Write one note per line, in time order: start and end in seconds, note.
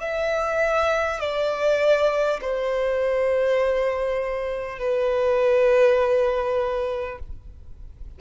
0.00 1.20 E5
1.20 2.40 D5
2.41 4.79 C5
4.79 7.19 B4